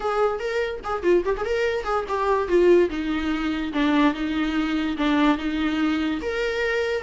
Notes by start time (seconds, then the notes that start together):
0.00 G#4
0.39 A#4
0.84 G#4
1.02 F4
1.25 G4
1.37 G#4
1.44 A#4
1.84 G#4
2.08 G4
2.48 F4
2.89 D#4
3.73 D4
4.14 D#4
4.97 D4
5.37 D#4
6.21 A#4